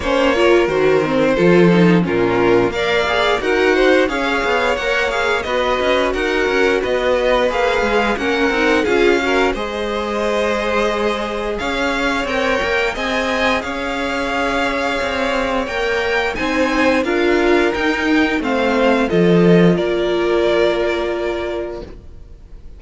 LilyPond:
<<
  \new Staff \with { instrumentName = "violin" } { \time 4/4 \tempo 4 = 88 cis''4 c''2 ais'4 | f''4 fis''4 f''4 fis''8 f''8 | dis''4 fis''4 dis''4 f''4 | fis''4 f''4 dis''2~ |
dis''4 f''4 g''4 gis''4 | f''2. g''4 | gis''4 f''4 g''4 f''4 | dis''4 d''2. | }
  \new Staff \with { instrumentName = "violin" } { \time 4/4 c''8 ais'4. a'4 f'4 | d''4 ais'8 c''8 cis''2 | b'4 ais'4 b'2 | ais'4 gis'8 ais'8 c''2~ |
c''4 cis''2 dis''4 | cis''1 | c''4 ais'2 c''4 | a'4 ais'2. | }
  \new Staff \with { instrumentName = "viola" } { \time 4/4 cis'8 f'8 fis'8 c'8 f'8 dis'8 cis'4 | ais'8 gis'8 fis'4 gis'4 ais'8 gis'8 | fis'2. gis'4 | cis'8 dis'8 f'8 fis'8 gis'2~ |
gis'2 ais'4 gis'4~ | gis'2. ais'4 | dis'4 f'4 dis'4 c'4 | f'1 | }
  \new Staff \with { instrumentName = "cello" } { \time 4/4 ais4 dis4 f4 ais,4 | ais4 dis'4 cis'8 b8 ais4 | b8 cis'8 dis'8 cis'8 b4 ais8 gis8 | ais8 c'8 cis'4 gis2~ |
gis4 cis'4 c'8 ais8 c'4 | cis'2 c'4 ais4 | c'4 d'4 dis'4 a4 | f4 ais2. | }
>>